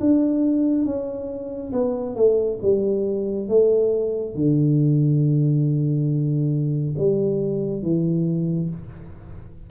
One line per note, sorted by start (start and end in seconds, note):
0.00 0.85 D4
0.85 1.72 C#4
1.72 2.16 B3
2.16 2.59 A3
2.62 3.49 G3
3.49 4.35 A3
4.35 6.96 D3
6.98 7.83 G3
7.83 8.70 E3